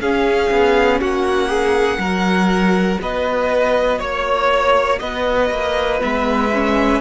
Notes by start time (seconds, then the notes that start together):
0.00 C#4 G#4 F5
0.50 B3
1.00 A#3 F#4 F#5
1.48 G#4
1.97 F#3 F#4 A#4
3.01 B3 B4 D#5
3.99 A#3 C#5
4.99 B3 B4 D#5
5.50 A#3
5.99 G#3 B3 E5
6.53 C#4